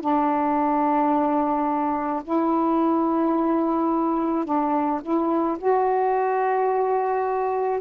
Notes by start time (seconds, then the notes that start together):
0.00 D4
2.23 E4
4.44 D4
5.02 E4
5.58 F#4